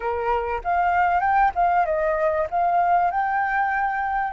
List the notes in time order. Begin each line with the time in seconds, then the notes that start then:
0.00 A#4
0.64 F5
1.20 G5
1.55 F5
1.85 D#5
2.50 F5
3.10 G5